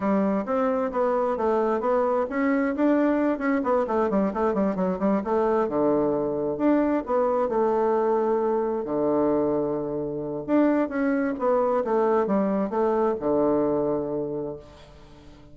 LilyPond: \new Staff \with { instrumentName = "bassoon" } { \time 4/4 \tempo 4 = 132 g4 c'4 b4 a4 | b4 cis'4 d'4. cis'8 | b8 a8 g8 a8 g8 fis8 g8 a8~ | a8 d2 d'4 b8~ |
b8 a2. d8~ | d2. d'4 | cis'4 b4 a4 g4 | a4 d2. | }